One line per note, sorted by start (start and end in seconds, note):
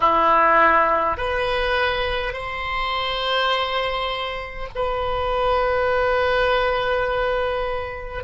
0.00 1.17 E4
1.17 2.33 B4
2.33 4.68 C5
4.75 8.23 B4